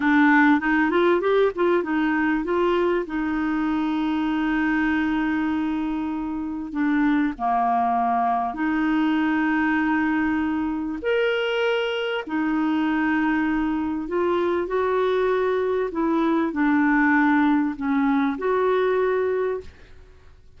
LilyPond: \new Staff \with { instrumentName = "clarinet" } { \time 4/4 \tempo 4 = 98 d'4 dis'8 f'8 g'8 f'8 dis'4 | f'4 dis'2.~ | dis'2. d'4 | ais2 dis'2~ |
dis'2 ais'2 | dis'2. f'4 | fis'2 e'4 d'4~ | d'4 cis'4 fis'2 | }